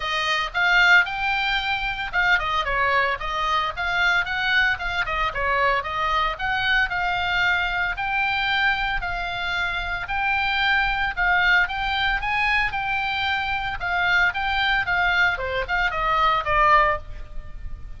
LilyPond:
\new Staff \with { instrumentName = "oboe" } { \time 4/4 \tempo 4 = 113 dis''4 f''4 g''2 | f''8 dis''8 cis''4 dis''4 f''4 | fis''4 f''8 dis''8 cis''4 dis''4 | fis''4 f''2 g''4~ |
g''4 f''2 g''4~ | g''4 f''4 g''4 gis''4 | g''2 f''4 g''4 | f''4 c''8 f''8 dis''4 d''4 | }